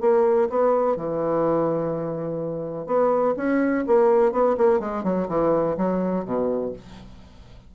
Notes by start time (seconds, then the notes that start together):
0.00 A#3
0.49 B3
0.96 E3
2.86 B3
3.36 C#4
3.86 A#3
4.32 B3
4.57 A#3
4.79 G#3
5.03 F#3
5.28 E3
5.77 F#3
6.24 B2